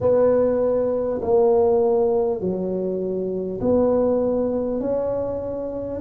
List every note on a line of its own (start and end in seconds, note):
0.00 1.20 B3
1.22 2.40 A#3
2.40 3.60 F#3
3.60 4.80 B3
4.80 6.00 C#4